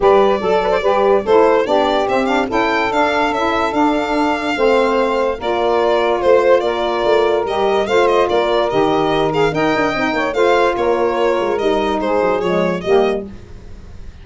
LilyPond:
<<
  \new Staff \with { instrumentName = "violin" } { \time 4/4 \tempo 4 = 145 d''2. c''4 | d''4 e''8 f''8 g''4 f''4 | e''4 f''2.~ | f''4 d''2 c''4 |
d''2 dis''4 f''8 dis''8 | d''4 dis''4. f''8 g''4~ | g''4 f''4 cis''2 | dis''4 c''4 cis''4 dis''4 | }
  \new Staff \with { instrumentName = "saxophone" } { \time 4/4 b'4 a'8 b'16 c''16 b'4 a'4 | g'2 a'2~ | a'2. c''4~ | c''4 ais'2 c''4 |
ais'2. c''4 | ais'2. dis''4~ | dis''8 cis''8 c''4 ais'2~ | ais'4 gis'2 g'4 | }
  \new Staff \with { instrumentName = "saxophone" } { \time 4/4 g'4 a'4 g'4 e'4 | d'4 c'8 d'8 e'4 d'4 | e'4 d'2 c'4~ | c'4 f'2.~ |
f'2 g'4 f'4~ | f'4 g'4. gis'8 ais'4 | dis'4 f'2. | dis'2 gis4 ais4 | }
  \new Staff \with { instrumentName = "tuba" } { \time 4/4 g4 fis4 g4 a4 | b4 c'4 cis'4 d'4 | cis'4 d'2 a4~ | a4 ais2 a4 |
ais4 a4 g4 a4 | ais4 dis2 dis'8 d'8 | c'8 ais8 a4 ais4. gis8 | g4 gis8 fis8 f4 g4 | }
>>